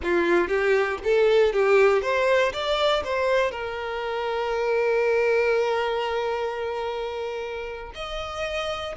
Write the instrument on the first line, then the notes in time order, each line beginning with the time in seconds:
violin
0.03 F4
0.48 G4
1.04 A4
1.52 G4
2.02 C5
2.53 D5
3.04 C5
3.51 A#4
7.94 D#5